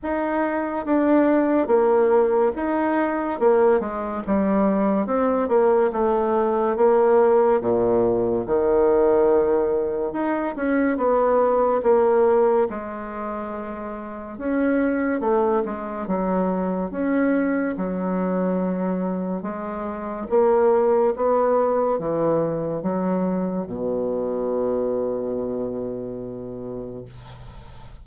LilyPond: \new Staff \with { instrumentName = "bassoon" } { \time 4/4 \tempo 4 = 71 dis'4 d'4 ais4 dis'4 | ais8 gis8 g4 c'8 ais8 a4 | ais4 ais,4 dis2 | dis'8 cis'8 b4 ais4 gis4~ |
gis4 cis'4 a8 gis8 fis4 | cis'4 fis2 gis4 | ais4 b4 e4 fis4 | b,1 | }